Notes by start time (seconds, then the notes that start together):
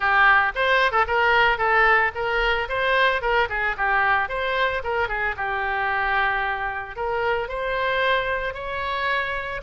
0.00 G4
0.55 C5
0.91 A4
1.07 A#4
1.58 A4
2.15 A#4
2.68 C5
3.21 A#4
3.49 G#4
3.77 G4
4.29 C5
4.83 A#4
5.08 G#4
5.36 G4
6.96 A#4
7.48 C5
8.53 C#5